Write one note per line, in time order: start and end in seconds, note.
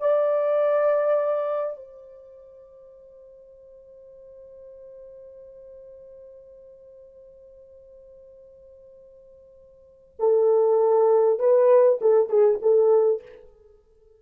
0.00 1.77 D5
1.77 10.17 C5
10.19 11.39 A4
11.39 11.99 B4
12.01 12.29 A4
12.29 12.59 G#4
12.62 13.22 A4